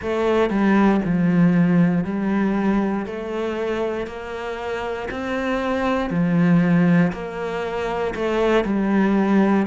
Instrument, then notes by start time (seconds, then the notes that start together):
cello
0.01 A3
0.49 G3
1.04 F3
2.04 G3
3.06 A3
4.06 A#3
5.10 C4
6.10 F3
7.12 A#3
8.14 A3
8.64 G3